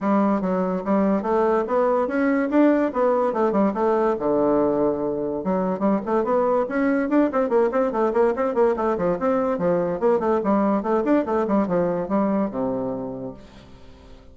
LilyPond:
\new Staff \with { instrumentName = "bassoon" } { \time 4/4 \tempo 4 = 144 g4 fis4 g4 a4 | b4 cis'4 d'4 b4 | a8 g8 a4 d2~ | d4 fis4 g8 a8 b4 |
cis'4 d'8 c'8 ais8 c'8 a8 ais8 | c'8 ais8 a8 f8 c'4 f4 | ais8 a8 g4 a8 d'8 a8 g8 | f4 g4 c2 | }